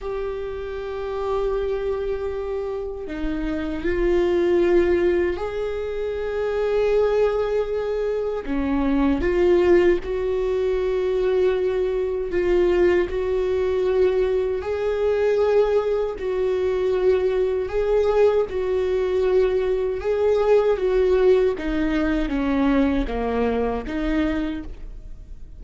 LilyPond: \new Staff \with { instrumentName = "viola" } { \time 4/4 \tempo 4 = 78 g'1 | dis'4 f'2 gis'4~ | gis'2. cis'4 | f'4 fis'2. |
f'4 fis'2 gis'4~ | gis'4 fis'2 gis'4 | fis'2 gis'4 fis'4 | dis'4 cis'4 ais4 dis'4 | }